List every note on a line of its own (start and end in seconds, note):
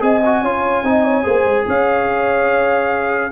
0.00 0.43 C4
0.00 0.21 G#4
0.00 0.42 D#5
0.00 1.68 G#5
0.25 0.45 F#4
0.42 0.84 C#4
0.42 0.84 F4
0.42 0.83 C#5
0.84 1.25 C4
0.84 1.24 D#4
0.84 1.04 D#5
1.04 1.25 C#5
1.24 1.45 A#3
1.24 3.31 G#4
1.24 1.66 C5
1.45 1.66 G#3
1.67 3.32 C#4
1.67 3.32 C#5
1.67 3.32 F5